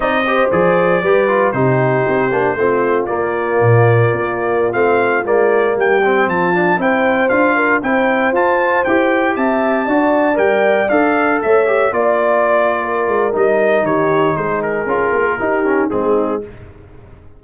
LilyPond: <<
  \new Staff \with { instrumentName = "trumpet" } { \time 4/4 \tempo 4 = 117 dis''4 d''2 c''4~ | c''2 d''2~ | d''4~ d''16 f''4 d''4 g''8.~ | g''16 a''4 g''4 f''4 g''8.~ |
g''16 a''4 g''4 a''4.~ a''16~ | a''16 g''4 f''4 e''4 d''8.~ | d''2 dis''4 cis''4 | c''8 ais'2~ ais'8 gis'4 | }
  \new Staff \with { instrumentName = "horn" } { \time 4/4 d''8 c''4. b'4 g'4~ | g'4 f'2.~ | f'2.~ f'16 g'8.~ | g'16 f'4 c''4. ais'8 c''8.~ |
c''2~ c''16 e''4 d''8.~ | d''2~ d''16 cis''4 d''8.~ | d''4 ais'2 g'4 | gis'2 g'4 dis'4 | }
  \new Staff \with { instrumentName = "trombone" } { \time 4/4 dis'8 g'8 gis'4 g'8 f'8 dis'4~ | dis'8 d'8 c'4 ais2~ | ais4~ ais16 c'4 ais4. c'16~ | c'8. d'8 e'4 f'4 e'8.~ |
e'16 f'4 g'2 fis'8.~ | fis'16 ais'4 a'4. g'8 f'8.~ | f'2 dis'2~ | dis'4 f'4 dis'8 cis'8 c'4 | }
  \new Staff \with { instrumentName = "tuba" } { \time 4/4 c'4 f4 g4 c4 | c'8 ais8 a4 ais4 ais,4 | ais4~ ais16 a4 gis4 g8.~ | g16 f4 c'4 d'4 c'8.~ |
c'16 f'4 e'4 c'4 d'8.~ | d'16 g4 d'4 a4 ais8.~ | ais4. gis8 g4 dis4 | gis4 cis'8 ais8 dis'4 gis4 | }
>>